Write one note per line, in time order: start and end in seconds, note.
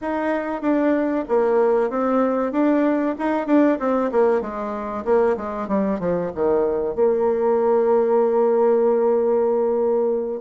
0.01 0.61 D#4
0.61 1.24 D4
1.28 1.89 A#3
1.89 2.52 C4
2.52 3.15 D4
3.18 3.47 D#4
3.47 3.78 D4
3.79 4.10 C4
4.11 4.41 A#3
4.41 5.04 G#3
5.04 5.36 A#3
5.37 5.68 G#3
5.68 5.99 G3
5.99 6.31 F3
6.34 6.95 D#3
6.95 10.40 A#3